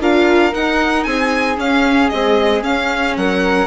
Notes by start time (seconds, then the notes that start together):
0.00 D4 F4 A#4 F5
0.51 D#4 F#5
1.04 C4 G#4 G#5
1.57 C#4 F5
2.09 G#3 C4 D#5
2.63 C#4 F5
3.17 F#3 A#4 F#5